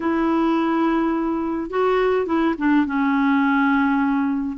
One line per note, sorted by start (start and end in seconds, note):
0.00 1.70 E4
1.70 2.26 F#4
2.26 2.54 E4
2.58 2.86 D4
2.86 4.57 C#4